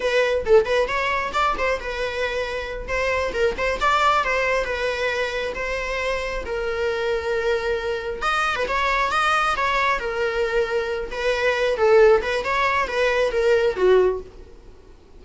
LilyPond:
\new Staff \with { instrumentName = "viola" } { \time 4/4 \tempo 4 = 135 b'4 a'8 b'8 cis''4 d''8 c''8 | b'2~ b'8 c''4 ais'8 | c''8 d''4 c''4 b'4.~ | b'8 c''2 ais'4.~ |
ais'2~ ais'8 dis''8. b'16 cis''8~ | cis''8 dis''4 cis''4 ais'4.~ | ais'4 b'4. a'4 b'8 | cis''4 b'4 ais'4 fis'4 | }